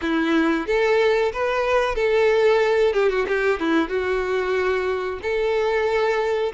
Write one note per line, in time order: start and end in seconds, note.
0.01 0.66 E4
0.66 1.32 A4
1.32 1.95 B4
1.95 2.93 A4
2.93 3.09 G4
3.09 3.25 F#4
3.27 3.59 G4
3.59 3.89 E4
3.89 5.19 F#4
5.22 6.52 A4